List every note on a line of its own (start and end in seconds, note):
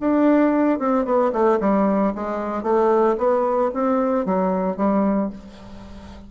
0.00 0.79 D4
0.79 1.05 C4
1.05 1.31 B3
1.32 1.59 A3
1.60 2.13 G3
2.15 2.63 G#3
2.63 3.16 A3
3.18 3.71 B3
3.74 4.25 C4
4.25 4.76 F#3
4.76 5.30 G3